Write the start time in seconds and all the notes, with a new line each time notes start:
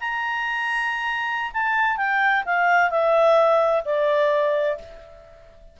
0.00 A#5
1.53 A5
1.97 G5
2.45 F5
2.90 E5
3.85 D5